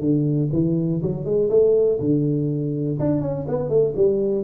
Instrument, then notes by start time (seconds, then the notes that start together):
tuba
0.00 D3
0.53 E3
1.02 F#3
1.25 G#3
1.50 A3
2.01 D3
3.00 D4
3.21 C#4
3.48 B3
3.69 A3
3.96 G3